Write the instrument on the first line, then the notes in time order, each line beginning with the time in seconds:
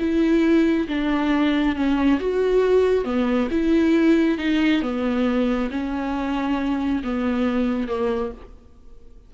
viola
0.00 E4
0.88 D4
1.76 C#4
2.20 F#4
3.05 B3
3.51 E4
4.38 D#4
4.82 B3
5.71 C#4
7.04 B3
7.88 A#3